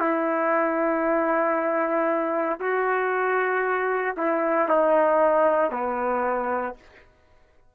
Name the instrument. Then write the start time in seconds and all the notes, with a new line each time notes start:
trumpet
0.00 E4
2.60 F#4
4.17 E4
4.68 D#4
5.71 B3